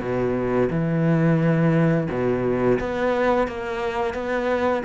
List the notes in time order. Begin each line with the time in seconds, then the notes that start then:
0.00 B2
0.70 E3
2.09 B2
2.79 B3
3.47 A#3
4.13 B3